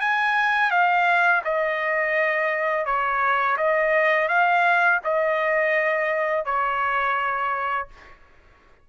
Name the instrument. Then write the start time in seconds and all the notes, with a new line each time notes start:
trumpet
0.00 G#5
0.70 F5
1.44 D#5
2.85 C#5
3.57 D#5
4.28 F5
5.04 D#5
6.44 C#5